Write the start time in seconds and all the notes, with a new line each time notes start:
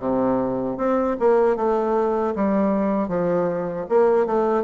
0.00 C3
0.78 C4
1.20 A#3
1.57 A3
2.36 G3
3.09 F3
3.89 A#3
4.27 A3